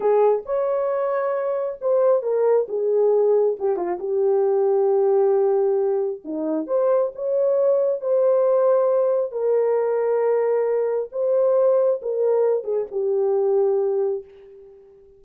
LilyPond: \new Staff \with { instrumentName = "horn" } { \time 4/4 \tempo 4 = 135 gis'4 cis''2. | c''4 ais'4 gis'2 | g'8 f'8 g'2.~ | g'2 dis'4 c''4 |
cis''2 c''2~ | c''4 ais'2.~ | ais'4 c''2 ais'4~ | ais'8 gis'8 g'2. | }